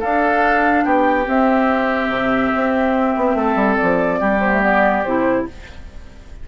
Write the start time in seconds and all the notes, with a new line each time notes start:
0.00 D4 A4 F5
0.84 B3 G4 G5
1.25 C4 E5
2.08 C3
2.55 C4
3.16 B3
3.35 A3 A4
3.56 G3
3.76 D5
3.82 F3
4.20 G3 G4
4.40 B3 C5
4.52 A3
4.62 B3 D5
5.04 C3 E4 C5